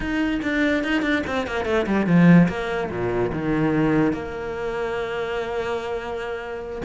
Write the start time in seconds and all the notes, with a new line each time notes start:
0.00 D#4
0.42 D4
0.83 D#4
1.01 D4
1.26 C4
1.46 A#3
1.65 A3
1.86 G3
2.06 F3
2.48 A#3
2.90 A#2
3.32 D#3
4.12 A#3